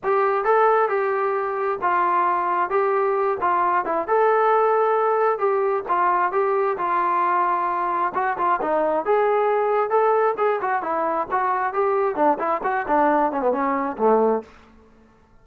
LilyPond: \new Staff \with { instrumentName = "trombone" } { \time 4/4 \tempo 4 = 133 g'4 a'4 g'2 | f'2 g'4. f'8~ | f'8 e'8 a'2. | g'4 f'4 g'4 f'4~ |
f'2 fis'8 f'8 dis'4 | gis'2 a'4 gis'8 fis'8 | e'4 fis'4 g'4 d'8 e'8 | fis'8 d'4 cis'16 b16 cis'4 a4 | }